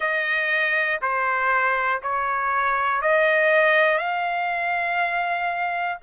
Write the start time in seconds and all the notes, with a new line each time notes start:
0.00 D#5
1.01 C5
2.02 C#5
3.01 D#5
3.98 F5